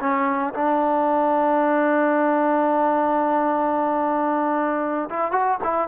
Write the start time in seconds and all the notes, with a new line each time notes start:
0.00 C#4
0.54 D4
5.10 E4
5.32 F#4
5.64 E4